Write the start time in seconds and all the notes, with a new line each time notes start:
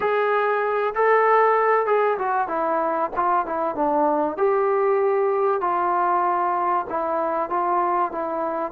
0.00 G#4
0.94 A4
1.86 G#4
2.18 F#4
2.48 E4
3.16 F4
3.46 E4
3.75 D4
4.37 G4
5.61 F4
6.89 E4
7.49 F4
8.11 E4